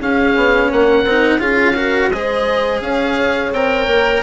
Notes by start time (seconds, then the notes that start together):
0.00 C#4 G#4 F5
0.36 B3
0.71 A#3 A#4 F#5
1.04 C4 D#4
1.39 C#4 F4 G#4 F5
1.75 F#4 A#4
2.10 G#3 G#4 C5 D#5
2.81 C#4 C#5 F5
3.52 C4 A#4 G5
3.87 A#3